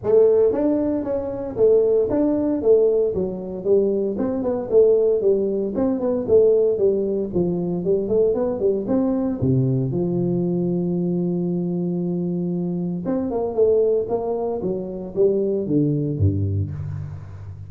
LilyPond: \new Staff \with { instrumentName = "tuba" } { \time 4/4 \tempo 4 = 115 a4 d'4 cis'4 a4 | d'4 a4 fis4 g4 | c'8 b8 a4 g4 c'8 b8 | a4 g4 f4 g8 a8 |
b8 g8 c'4 c4 f4~ | f1~ | f4 c'8 ais8 a4 ais4 | fis4 g4 d4 g,4 | }